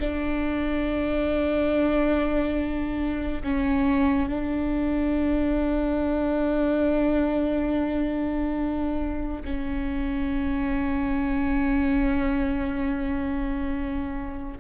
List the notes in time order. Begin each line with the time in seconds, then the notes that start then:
0.00 D4
3.44 C#4
4.29 D4
9.45 C#4